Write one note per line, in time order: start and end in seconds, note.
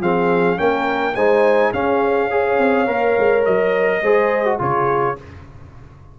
0.00 0.57 F3
0.00 0.57 C4
0.00 0.59 G#4
0.00 0.59 F5
0.57 1.16 A#3
0.57 1.14 C#4
0.57 1.15 A#4
0.57 1.15 G5
1.15 1.73 G#3
1.15 1.74 D#4
1.15 1.72 C5
1.15 1.72 G#5
1.73 2.59 C#4
1.73 2.31 C#4
1.73 2.31 G#4
1.73 3.45 F5
2.31 2.87 G#4
2.31 4.03 C#5
2.59 2.87 C4
2.87 3.16 A#3
2.87 4.01 A#4
3.18 3.47 G#3
3.45 4.02 F#3
3.45 4.60 D#5
4.02 4.59 G#3
4.02 4.46 G#4
4.02 4.60 C5
4.46 4.59 F#4
4.59 5.17 C#3
4.59 5.16 F4
4.59 5.17 G#4
4.59 5.19 C#5